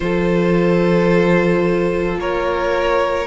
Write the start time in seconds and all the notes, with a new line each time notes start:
0.00 F3 F4 A4 C5
2.16 A#3 A#4 C#5